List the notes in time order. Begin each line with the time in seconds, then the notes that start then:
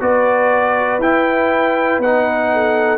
0.00 B3 F#4 B4 D5
0.99 E4 G5
1.98 B3 D#4 F#5
2.52 A4